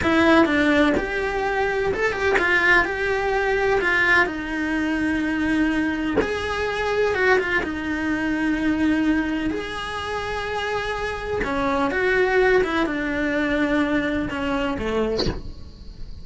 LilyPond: \new Staff \with { instrumentName = "cello" } { \time 4/4 \tempo 4 = 126 e'4 d'4 g'2 | a'8 g'8 f'4 g'2 | f'4 dis'2.~ | dis'4 gis'2 fis'8 f'8 |
dis'1 | gis'1 | cis'4 fis'4. e'8 d'4~ | d'2 cis'4 a4 | }